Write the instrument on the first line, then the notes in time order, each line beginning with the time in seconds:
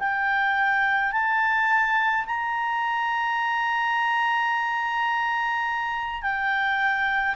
clarinet
0.00 G5
1.13 A5
2.26 A#5
6.23 G5